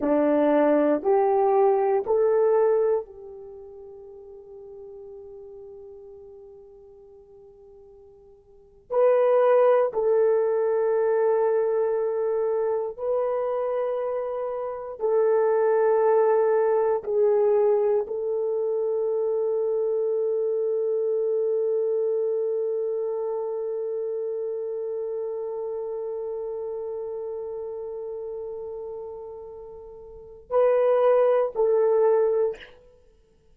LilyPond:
\new Staff \with { instrumentName = "horn" } { \time 4/4 \tempo 4 = 59 d'4 g'4 a'4 g'4~ | g'1~ | g'8. b'4 a'2~ a'16~ | a'8. b'2 a'4~ a'16~ |
a'8. gis'4 a'2~ a'16~ | a'1~ | a'1~ | a'2 b'4 a'4 | }